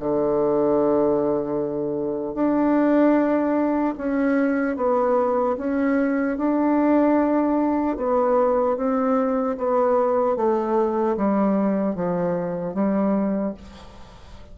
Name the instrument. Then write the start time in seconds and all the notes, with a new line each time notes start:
bassoon
0.00 D3
2.35 D4
3.98 C#4
4.77 B3
5.58 C#4
6.38 D4
7.97 B3
8.77 C4
9.58 B3
10.37 A3
11.17 G3
11.96 F3
12.75 G3